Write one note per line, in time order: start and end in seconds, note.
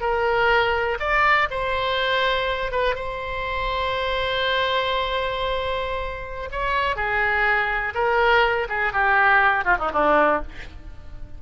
0.00 0.98 A#4
0.99 1.48 D5
1.50 2.71 C5
2.71 2.95 B4
2.95 6.49 C5
6.51 6.96 C#5
6.96 7.93 G#4
7.94 8.67 A#4
8.68 8.93 G#4
8.93 9.64 G4
9.64 9.76 F4
9.78 9.90 D#4
9.93 10.42 D4